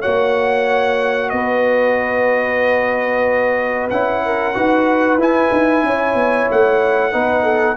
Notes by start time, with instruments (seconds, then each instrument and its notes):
0.00 tuba A#3, trombone F#4, horn C#5, trumpet F#5
1.30 tuba B3, horn B4, trumpet D#5
3.90 tuba C#4, trombone E4, trumpet F#5
4.25 horn A#4
4.54 tuba D#4, trombone F#4, horn B4
5.17 tuba E4, trombone E4, trumpet G#5
5.52 tuba D#4
5.83 tuba C#4, horn C#5
6.15 tuba B3
6.51 tuba A3, trumpet F#5
7.12 tuba B3, trombone D#4, horn B4
7.43 horn A4